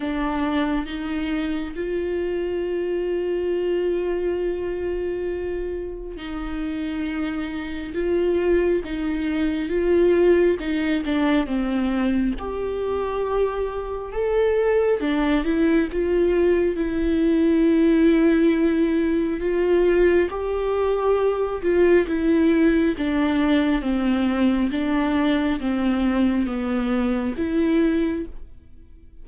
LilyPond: \new Staff \with { instrumentName = "viola" } { \time 4/4 \tempo 4 = 68 d'4 dis'4 f'2~ | f'2. dis'4~ | dis'4 f'4 dis'4 f'4 | dis'8 d'8 c'4 g'2 |
a'4 d'8 e'8 f'4 e'4~ | e'2 f'4 g'4~ | g'8 f'8 e'4 d'4 c'4 | d'4 c'4 b4 e'4 | }